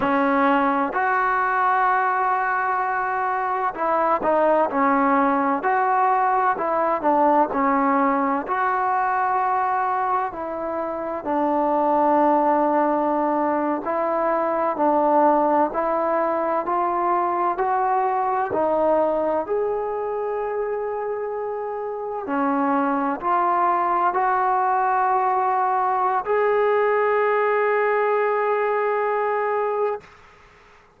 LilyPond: \new Staff \with { instrumentName = "trombone" } { \time 4/4 \tempo 4 = 64 cis'4 fis'2. | e'8 dis'8 cis'4 fis'4 e'8 d'8 | cis'4 fis'2 e'4 | d'2~ d'8. e'4 d'16~ |
d'8. e'4 f'4 fis'4 dis'16~ | dis'8. gis'2. cis'16~ | cis'8. f'4 fis'2~ fis'16 | gis'1 | }